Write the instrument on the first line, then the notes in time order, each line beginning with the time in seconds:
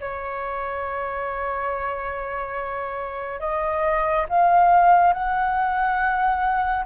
flute
0.00 C#5
3.41 D#5
4.29 F5
5.14 F#5